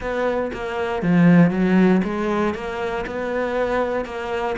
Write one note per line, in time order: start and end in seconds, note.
0.00 0.51 B3
0.53 1.02 A#3
1.02 1.50 F3
1.50 2.01 F#3
2.03 2.54 G#3
2.54 3.05 A#3
3.06 4.05 B3
4.05 4.56 A#3